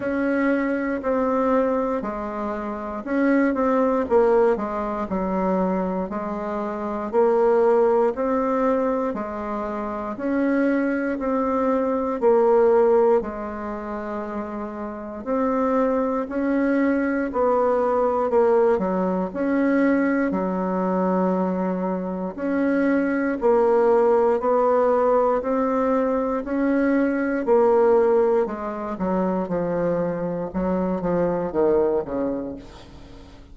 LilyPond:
\new Staff \with { instrumentName = "bassoon" } { \time 4/4 \tempo 4 = 59 cis'4 c'4 gis4 cis'8 c'8 | ais8 gis8 fis4 gis4 ais4 | c'4 gis4 cis'4 c'4 | ais4 gis2 c'4 |
cis'4 b4 ais8 fis8 cis'4 | fis2 cis'4 ais4 | b4 c'4 cis'4 ais4 | gis8 fis8 f4 fis8 f8 dis8 cis8 | }